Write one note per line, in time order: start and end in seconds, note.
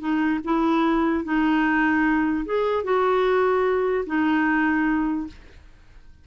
0.00 0.40 D#4
0.44 1.25 E4
1.25 2.45 D#4
2.45 2.84 G#4
2.84 4.05 F#4
4.07 5.27 D#4